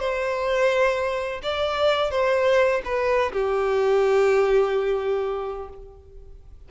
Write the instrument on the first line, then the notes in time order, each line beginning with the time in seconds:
violin
0.00 C5
1.43 D5
2.11 C5
2.85 B4
3.33 G4